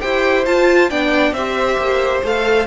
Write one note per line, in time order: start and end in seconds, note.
0.00 0.46 E4
0.00 0.45 G4
0.00 0.90 C5
0.00 0.44 G5
0.45 0.90 F4
0.45 0.91 F4
0.45 0.90 A5
0.90 1.32 B3
0.90 1.35 D4
0.90 1.34 D5
0.90 1.33 G5
1.32 1.77 C4
1.32 2.24 G4
1.32 2.67 C5
1.32 2.22 E5
1.77 2.22 A#3
2.23 2.67 A3
2.23 2.67 A4
2.23 2.67 F5